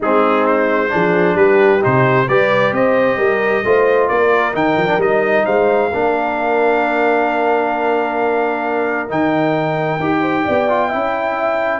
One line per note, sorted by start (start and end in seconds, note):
0.00 0.92 G#3
0.00 0.89 C4
0.00 0.89 D#4
0.00 0.46 G#4
0.46 1.36 C5
0.89 1.34 F3
0.89 1.80 D4
0.89 1.37 G#4
1.34 1.80 G3
1.34 2.27 G4
1.34 1.82 B4
1.80 2.28 C3
1.80 2.26 D#4
1.80 2.28 C5
2.27 2.72 G3
2.27 3.64 G4
2.27 2.72 B4
2.27 2.73 D5
2.72 3.17 C4
2.72 3.17 C5
2.72 4.08 D#5
3.17 3.62 G3
3.17 3.63 A#4
3.64 4.09 A3
3.64 4.53 F4
3.64 4.09 C5
4.08 4.54 A#3
4.08 5.45 A#4
4.08 4.53 D5
4.53 4.76 D#3
4.53 4.87 D#4
4.53 5.01 G5
4.77 4.97 F3
4.87 4.98 D4
4.97 5.43 G3
4.97 5.90 D#4
4.97 5.45 D#5
5.45 5.92 G#3
5.45 5.91 C5
5.45 9.09 F5
5.91 9.10 A#3
5.91 9.08 D4
5.91 10.20 A#4
9.08 9.99 D#3
9.08 9.99 D#4
9.08 11.79 G5
9.99 10.44 D#4
9.99 10.68 G4
10.20 10.43 C5
10.45 10.94 B3
10.45 10.88 D5
10.68 10.91 F4
10.88 11.79 C#4
10.88 11.79 E4
10.88 11.79 E5